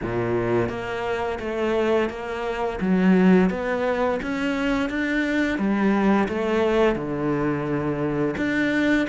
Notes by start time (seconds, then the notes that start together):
0.02 A#2
0.68 A#3
1.39 A3
2.09 A#3
2.80 F#3
3.50 B3
4.22 C#4
4.89 D4
5.58 G3
6.28 A3
6.95 D3
8.37 D4